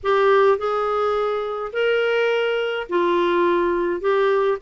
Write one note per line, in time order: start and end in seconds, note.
0.03 0.57 G4
0.57 1.72 G#4
1.72 2.87 A#4
2.89 4.01 F4
4.01 4.58 G4